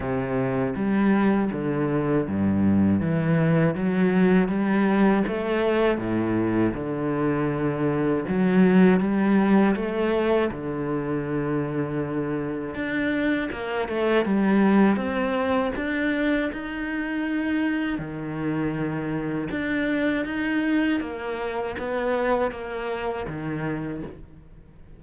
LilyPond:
\new Staff \with { instrumentName = "cello" } { \time 4/4 \tempo 4 = 80 c4 g4 d4 g,4 | e4 fis4 g4 a4 | a,4 d2 fis4 | g4 a4 d2~ |
d4 d'4 ais8 a8 g4 | c'4 d'4 dis'2 | dis2 d'4 dis'4 | ais4 b4 ais4 dis4 | }